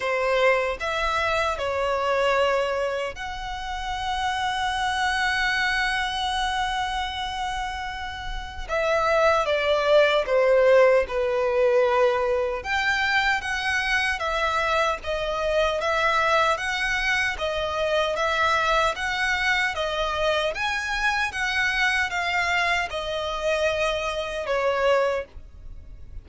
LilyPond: \new Staff \with { instrumentName = "violin" } { \time 4/4 \tempo 4 = 76 c''4 e''4 cis''2 | fis''1~ | fis''2. e''4 | d''4 c''4 b'2 |
g''4 fis''4 e''4 dis''4 | e''4 fis''4 dis''4 e''4 | fis''4 dis''4 gis''4 fis''4 | f''4 dis''2 cis''4 | }